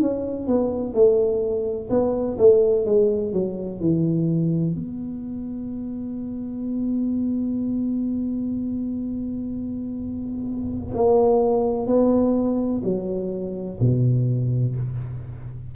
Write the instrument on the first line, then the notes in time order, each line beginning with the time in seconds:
tuba
0.00 C#4
0.47 B3
0.94 A3
1.90 B3
2.38 A3
2.85 G#3
3.32 F#3
3.80 E3
4.75 B3
10.94 A#3
11.87 B3
12.84 F#3
13.80 B2